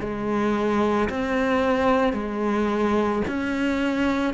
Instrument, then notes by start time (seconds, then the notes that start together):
cello
0.00 G#3
1.10 C4
2.13 G#3
3.28 C#4